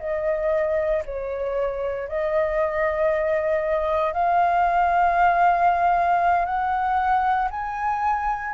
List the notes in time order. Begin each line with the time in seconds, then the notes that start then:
0.00 D#5
1.06 C#5
2.08 D#5
4.13 F5
6.46 F#5
7.51 G#5